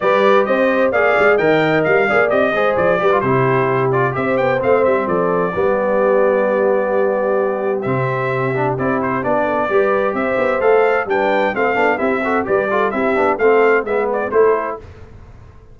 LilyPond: <<
  \new Staff \with { instrumentName = "trumpet" } { \time 4/4 \tempo 4 = 130 d''4 dis''4 f''4 g''4 | f''4 dis''4 d''4 c''4~ | c''8 d''8 e''8 g''8 f''8 e''8 d''4~ | d''1~ |
d''4 e''2 d''8 c''8 | d''2 e''4 f''4 | g''4 f''4 e''4 d''4 | e''4 f''4 e''8 d''8 c''4 | }
  \new Staff \with { instrumentName = "horn" } { \time 4/4 b'4 c''4 d''4 dis''4~ | dis''8 d''4 c''4 b'8 g'4~ | g'4 c''2 a'4 | g'1~ |
g'1~ | g'8 a'8 b'4 c''2 | b'4 a'4 g'8 a'8 b'8 a'8 | g'4 a'4 b'4 a'4 | }
  \new Staff \with { instrumentName = "trombone" } { \time 4/4 g'2 gis'4 ais'4~ | ais'8 gis'8 g'8 gis'4 g'16 f'16 e'4~ | e'8 f'8 g'4 c'2 | b1~ |
b4 c'4. d'8 e'4 | d'4 g'2 a'4 | d'4 c'8 d'8 e'8 fis'8 g'8 f'8 | e'8 d'8 c'4 b4 e'4 | }
  \new Staff \with { instrumentName = "tuba" } { \time 4/4 g4 c'4 ais8 gis8 dis4 | g8 ais8 c'8 gis8 f8 g8 c4~ | c4 c'8 b8 a8 g8 f4 | g1~ |
g4 c2 c'4 | b4 g4 c'8 b8 a4 | g4 a8 b8 c'4 g4 | c'8 b8 a4 gis4 a4 | }
>>